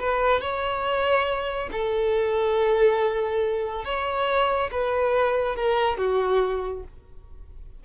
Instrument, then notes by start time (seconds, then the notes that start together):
violin
0.00 B4
0.41 C#5
1.72 A4
3.85 C#5
4.72 B4
5.56 A#4
5.98 F#4